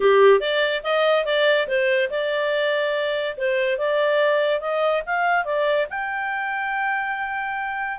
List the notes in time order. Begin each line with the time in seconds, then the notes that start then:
0.00 G4
0.39 D5
0.83 D#5
1.25 D5
1.67 C5
2.10 D5
3.37 C5
3.77 D5
4.60 D#5
5.06 F5
5.44 D5
5.90 G5